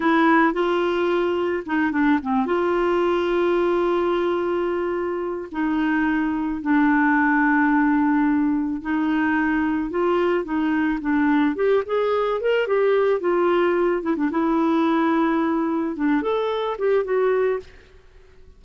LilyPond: \new Staff \with { instrumentName = "clarinet" } { \time 4/4 \tempo 4 = 109 e'4 f'2 dis'8 d'8 | c'8 f'2.~ f'8~ | f'2 dis'2 | d'1 |
dis'2 f'4 dis'4 | d'4 g'8 gis'4 ais'8 g'4 | f'4. e'16 d'16 e'2~ | e'4 d'8 a'4 g'8 fis'4 | }